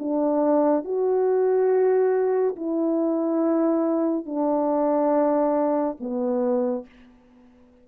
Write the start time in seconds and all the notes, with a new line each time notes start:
0.00 D4
0.85 F#4
2.56 E4
4.26 D4
6.00 B3